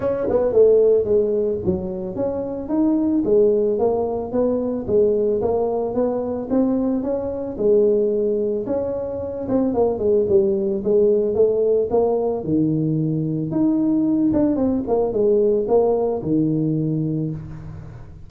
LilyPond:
\new Staff \with { instrumentName = "tuba" } { \time 4/4 \tempo 4 = 111 cis'8 b8 a4 gis4 fis4 | cis'4 dis'4 gis4 ais4 | b4 gis4 ais4 b4 | c'4 cis'4 gis2 |
cis'4. c'8 ais8 gis8 g4 | gis4 a4 ais4 dis4~ | dis4 dis'4. d'8 c'8 ais8 | gis4 ais4 dis2 | }